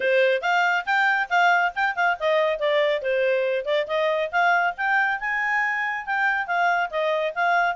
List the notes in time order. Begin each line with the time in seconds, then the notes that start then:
0.00 C5
0.41 F5
0.85 G5
1.29 F5
1.75 G5
1.95 F5
2.19 D#5
2.59 D5
3.02 C5
3.65 D5
3.87 D#5
4.31 F5
4.77 G5
5.20 G#5
6.06 G5
6.46 F5
6.90 D#5
7.35 F5